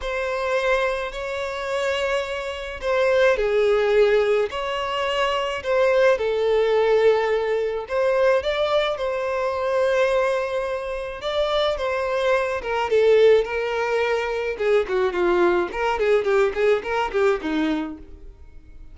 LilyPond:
\new Staff \with { instrumentName = "violin" } { \time 4/4 \tempo 4 = 107 c''2 cis''2~ | cis''4 c''4 gis'2 | cis''2 c''4 a'4~ | a'2 c''4 d''4 |
c''1 | d''4 c''4. ais'8 a'4 | ais'2 gis'8 fis'8 f'4 | ais'8 gis'8 g'8 gis'8 ais'8 g'8 dis'4 | }